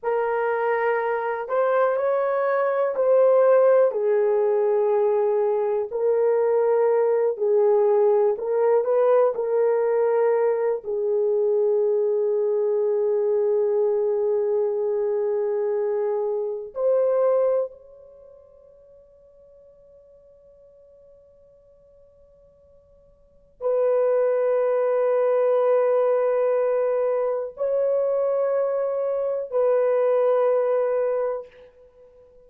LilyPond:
\new Staff \with { instrumentName = "horn" } { \time 4/4 \tempo 4 = 61 ais'4. c''8 cis''4 c''4 | gis'2 ais'4. gis'8~ | gis'8 ais'8 b'8 ais'4. gis'4~ | gis'1~ |
gis'4 c''4 cis''2~ | cis''1 | b'1 | cis''2 b'2 | }